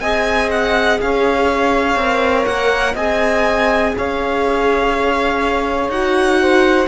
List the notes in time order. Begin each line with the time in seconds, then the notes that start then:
0.00 C4 G#4 D#5 G#5
0.51 F#5
1.01 C#4 C#5 F5
1.95 C4 A#4
2.45 A#3 F#5
2.93 C4 G#4 D#5 G#5
3.96 C#4 C#5 F5
5.89 D#4 F#4 F#5
6.41 C5